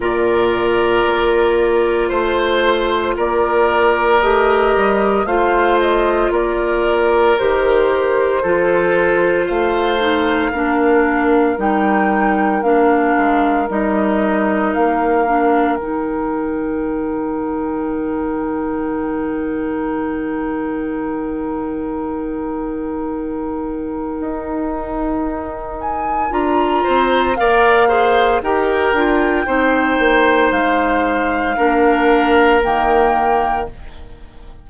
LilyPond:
<<
  \new Staff \with { instrumentName = "flute" } { \time 4/4 \tempo 4 = 57 d''2 c''4 d''4 | dis''4 f''8 dis''8 d''4 c''4~ | c''4 f''2 g''4 | f''4 dis''4 f''4 g''4~ |
g''1~ | g''1~ | g''8 gis''8 ais''4 f''4 g''4~ | g''4 f''2 g''4 | }
  \new Staff \with { instrumentName = "oboe" } { \time 4/4 ais'2 c''4 ais'4~ | ais'4 c''4 ais'2 | a'4 c''4 ais'2~ | ais'1~ |
ais'1~ | ais'1~ | ais'4. c''8 d''8 c''8 ais'4 | c''2 ais'2 | }
  \new Staff \with { instrumentName = "clarinet" } { \time 4/4 f'1 | g'4 f'2 g'4 | f'4. dis'8 d'4 dis'4 | d'4 dis'4. d'8 dis'4~ |
dis'1~ | dis'1~ | dis'4 f'4 ais'8 gis'8 g'8 f'8 | dis'2 d'4 ais4 | }
  \new Staff \with { instrumentName = "bassoon" } { \time 4/4 ais,4 ais4 a4 ais4 | a8 g8 a4 ais4 dis4 | f4 a4 ais4 g4 | ais8 gis8 g4 ais4 dis4~ |
dis1~ | dis2. dis'4~ | dis'4 d'8 c'8 ais4 dis'8 d'8 | c'8 ais8 gis4 ais4 dis4 | }
>>